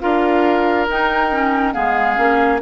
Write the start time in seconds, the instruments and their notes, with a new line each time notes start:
0.00 bassoon D4, clarinet F4, oboe A#4, flute F5
0.88 bassoon D#4, clarinet D#4, flute G5
1.31 clarinet C#4
1.72 bassoon G#3, clarinet B3, oboe G#4, flute F5
2.16 bassoon A#3, clarinet C#4